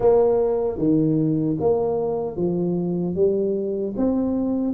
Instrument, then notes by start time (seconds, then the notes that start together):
tuba
0.00 A#3
0.78 D#3
1.60 A#3
2.36 F3
3.15 G3
3.96 C4